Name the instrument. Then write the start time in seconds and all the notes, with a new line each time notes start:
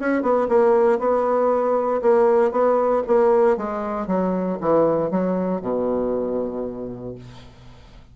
bassoon
0.00 C#4
0.22 B3
0.49 A#3
0.99 B3
2.02 A#3
2.52 B3
3.07 A#3
3.57 G#3
4.07 F#3
4.61 E3
5.11 F#3
5.61 B2